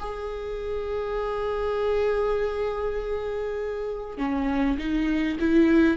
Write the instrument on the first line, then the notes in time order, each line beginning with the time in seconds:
viola
0.00 G#4
4.18 C#4
4.78 D#4
5.40 E4